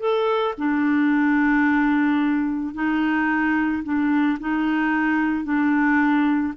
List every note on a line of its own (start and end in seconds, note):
0.00 0.55 A4
0.58 2.74 D4
2.74 3.83 D#4
3.84 4.38 D4
4.40 5.45 D#4
5.45 6.54 D4